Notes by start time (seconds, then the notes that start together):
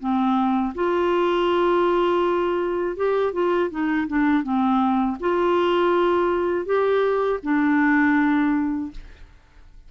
0.00 C4
0.75 F4
2.97 G4
3.33 F4
3.71 D#4
4.08 D4
4.44 C4
5.21 F4
6.66 G4
7.43 D4